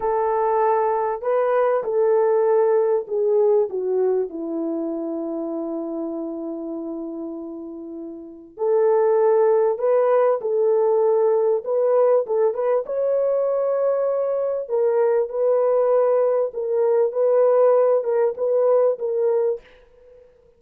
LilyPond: \new Staff \with { instrumentName = "horn" } { \time 4/4 \tempo 4 = 98 a'2 b'4 a'4~ | a'4 gis'4 fis'4 e'4~ | e'1~ | e'2 a'2 |
b'4 a'2 b'4 | a'8 b'8 cis''2. | ais'4 b'2 ais'4 | b'4. ais'8 b'4 ais'4 | }